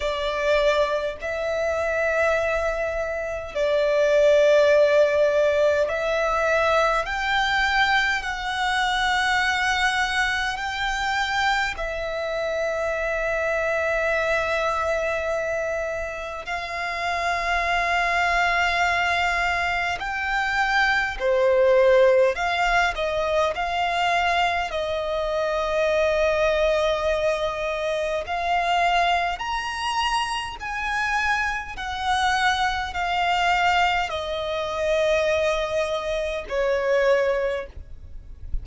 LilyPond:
\new Staff \with { instrumentName = "violin" } { \time 4/4 \tempo 4 = 51 d''4 e''2 d''4~ | d''4 e''4 g''4 fis''4~ | fis''4 g''4 e''2~ | e''2 f''2~ |
f''4 g''4 c''4 f''8 dis''8 | f''4 dis''2. | f''4 ais''4 gis''4 fis''4 | f''4 dis''2 cis''4 | }